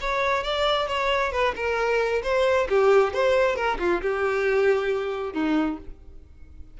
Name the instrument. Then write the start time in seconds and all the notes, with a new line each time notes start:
violin
0.00 C#5
0.43 D5
0.87 C#5
1.32 B4
1.55 A#4
2.23 C5
2.68 G4
3.13 C5
3.55 A#4
3.79 F4
4.01 G4
5.33 D#4